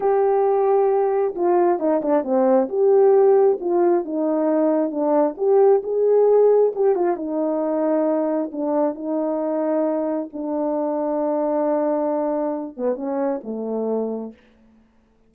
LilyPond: \new Staff \with { instrumentName = "horn" } { \time 4/4 \tempo 4 = 134 g'2. f'4 | dis'8 d'8 c'4 g'2 | f'4 dis'2 d'4 | g'4 gis'2 g'8 f'8 |
dis'2. d'4 | dis'2. d'4~ | d'1~ | d'8 b8 cis'4 a2 | }